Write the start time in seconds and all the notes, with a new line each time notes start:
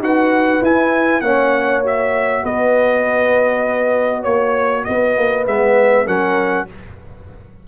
0.00 D#4 F#4 B4 F#5
0.62 E4 G#5
1.21 A#3 C#4 C#5 F#5
1.84 F#4 E5
2.44 B3 B4 D#5
4.22 A#3 C#5
4.85 B3 B4 D#5
5.18 A#3
5.47 G#3 B3 E5
6.07 F#3 C#4 A#4 F#5